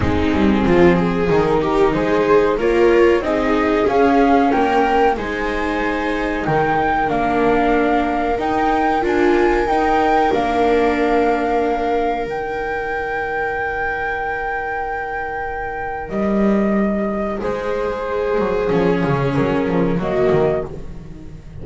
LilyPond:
<<
  \new Staff \with { instrumentName = "flute" } { \time 4/4 \tempo 4 = 93 gis'2 ais'4 c''4 | cis''4 dis''4 f''4 g''4 | gis''2 g''4 f''4~ | f''4 g''4 gis''4 g''4 |
f''2. g''4~ | g''1~ | g''4 dis''2 c''4~ | c''4 cis''4 ais'4 dis''4 | }
  \new Staff \with { instrumentName = "viola" } { \time 4/4 dis'4 f'8 gis'4 g'8 gis'4 | ais'4 gis'2 ais'4 | c''2 ais'2~ | ais'1~ |
ais'1~ | ais'1~ | ais'2. gis'4~ | gis'2. fis'4 | }
  \new Staff \with { instrumentName = "viola" } { \time 4/4 c'2 dis'2 | f'4 dis'4 cis'2 | dis'2. d'4~ | d'4 dis'4 f'4 dis'4 |
d'2. dis'4~ | dis'1~ | dis'1~ | dis'4 cis'2 ais4 | }
  \new Staff \with { instrumentName = "double bass" } { \time 4/4 gis8 g8 f4 dis4 gis4 | ais4 c'4 cis'4 ais4 | gis2 dis4 ais4~ | ais4 dis'4 d'4 dis'4 |
ais2. dis4~ | dis1~ | dis4 g2 gis4~ | gis8 fis8 f8 cis8 fis8 f8 fis8 dis8 | }
>>